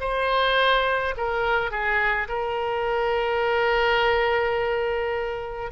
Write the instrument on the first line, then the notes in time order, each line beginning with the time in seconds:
oboe
0.00 C5
1.17 A#4
1.71 G#4
2.28 A#4